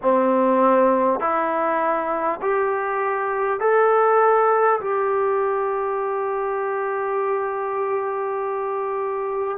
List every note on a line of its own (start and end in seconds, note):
0.02 1.20 C4
1.20 2.40 E4
2.41 3.60 G4
3.60 4.80 A4
4.80 9.57 G4